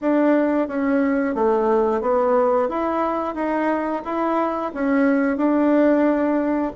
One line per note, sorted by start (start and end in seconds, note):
0.01 0.68 D4
0.68 1.34 C#4
1.34 2.01 A3
2.01 2.68 B3
2.68 3.34 E4
3.34 4.02 D#4
4.04 4.72 E4
4.74 5.37 C#4
5.37 6.72 D4